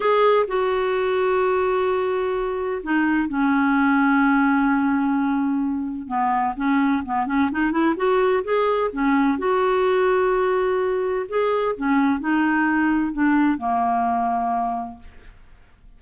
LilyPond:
\new Staff \with { instrumentName = "clarinet" } { \time 4/4 \tempo 4 = 128 gis'4 fis'2.~ | fis'2 dis'4 cis'4~ | cis'1~ | cis'4 b4 cis'4 b8 cis'8 |
dis'8 e'8 fis'4 gis'4 cis'4 | fis'1 | gis'4 cis'4 dis'2 | d'4 ais2. | }